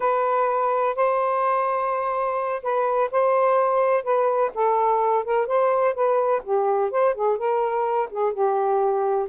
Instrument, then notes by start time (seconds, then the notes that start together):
saxophone
0.00 B4
0.95 C5
2.62 B4
3.11 C5
4.03 B4
4.54 A4
5.24 A#4
5.46 C5
5.94 B4
6.43 G4
6.90 C5
7.14 G#4
7.37 A#4
8.10 G#4
8.33 G4